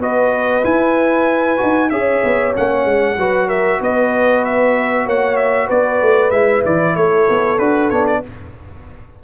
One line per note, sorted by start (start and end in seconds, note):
0.00 0.63 B3
0.00 0.64 F#4
0.00 1.90 B4
0.00 0.65 D#5
0.64 1.57 E4
0.64 1.59 E4
0.64 1.90 G#5
1.57 1.92 D#4
1.57 1.89 F#4
1.90 2.23 C#4
1.90 2.55 G#4
1.90 3.18 C#5
1.90 2.54 E5
2.24 2.56 B3
2.55 2.85 A#3
2.55 3.18 C#4
2.55 3.50 F#5
2.85 3.17 G#3
3.17 3.80 F#3
3.17 6.33 F#4
3.17 3.48 B4
3.48 3.79 A#4
3.48 3.81 E5
3.81 5.07 B3
3.81 5.06 B4
3.81 4.45 D#5
4.45 5.08 E5
5.06 5.70 A#3
5.06 5.67 C#5
5.06 5.37 F#5
5.37 5.68 E5
5.67 6.02 B3
5.67 6.93 B4
5.67 6.31 D5
6.02 6.31 A3
6.31 6.63 G#3
6.31 7.59 E4
6.31 6.63 E5
6.66 6.97 E3
6.66 6.96 D5
6.96 7.28 A3
6.96 8.22 A4
6.96 7.59 C#5
7.30 7.59 B3
7.59 7.91 D4
7.59 7.92 F#4
7.59 7.90 B4
7.90 8.23 B3
7.90 8.24 D4
7.90 8.06 C#5
8.07 8.23 D5